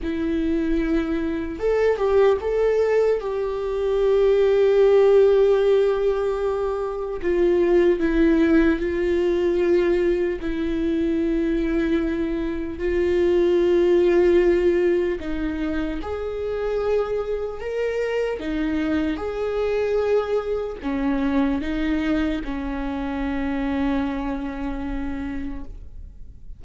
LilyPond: \new Staff \with { instrumentName = "viola" } { \time 4/4 \tempo 4 = 75 e'2 a'8 g'8 a'4 | g'1~ | g'4 f'4 e'4 f'4~ | f'4 e'2. |
f'2. dis'4 | gis'2 ais'4 dis'4 | gis'2 cis'4 dis'4 | cis'1 | }